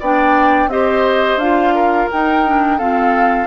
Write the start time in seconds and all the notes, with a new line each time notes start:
0.00 B3 D4 D5 G5
0.67 C4 G4 C5 D#5
1.37 D4 F4 F5
1.75 A#4
2.12 D#4 G5
2.47 D4
2.78 C4 F4 A4 F5